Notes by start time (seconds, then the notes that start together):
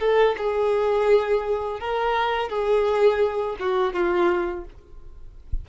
0.00 A4
0.38 G#4
1.80 A#4
2.49 G#4
3.59 F#4
3.94 F4